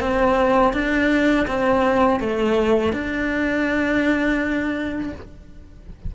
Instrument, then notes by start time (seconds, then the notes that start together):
cello
0.00 C4
0.73 D4
1.47 C4
2.20 A3
2.93 D4